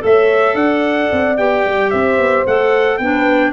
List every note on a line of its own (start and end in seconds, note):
0.00 0.55 A3
0.00 1.35 A4
0.00 0.56 C#5
0.00 0.56 E5
0.55 1.09 D4
0.55 1.91 D5
0.55 1.37 F#5
1.12 1.39 C4
1.37 1.66 B3
1.37 2.47 G4
1.37 1.91 G5
1.66 1.93 G3
1.91 2.18 C4
1.91 2.99 C5
1.91 2.45 E5
2.18 2.45 B3
2.47 2.99 A3
2.47 3.01 A4
2.47 2.98 F#5
2.98 3.53 B3
2.98 3.53 D4
2.98 3.53 B4
2.98 3.52 G5